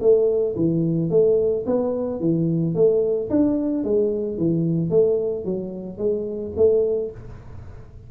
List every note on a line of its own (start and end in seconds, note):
0.00 0.55 A3
0.56 1.10 E3
1.10 1.64 A3
1.66 2.20 B3
2.20 2.74 E3
2.74 3.29 A3
3.30 3.84 D4
3.84 4.37 G#3
4.37 4.90 E3
4.90 5.44 A3
5.45 5.98 F#3
5.98 6.52 G#3
6.56 7.11 A3